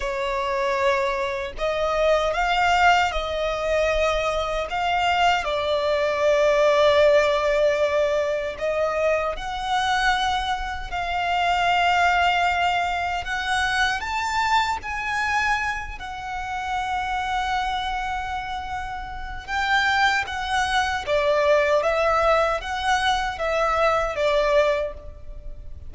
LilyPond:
\new Staff \with { instrumentName = "violin" } { \time 4/4 \tempo 4 = 77 cis''2 dis''4 f''4 | dis''2 f''4 d''4~ | d''2. dis''4 | fis''2 f''2~ |
f''4 fis''4 a''4 gis''4~ | gis''8 fis''2.~ fis''8~ | fis''4 g''4 fis''4 d''4 | e''4 fis''4 e''4 d''4 | }